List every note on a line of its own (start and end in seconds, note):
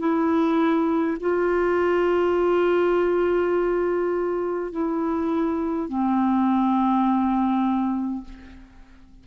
0.00 1.18 E4
1.21 4.72 F4
4.72 5.89 E4
5.89 8.25 C4